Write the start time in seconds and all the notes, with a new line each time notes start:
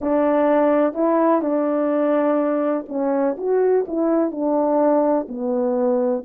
0.01 D4
0.94 E4
1.41 D4
2.88 C#4
3.37 F#4
3.87 E4
4.31 D4
5.28 B3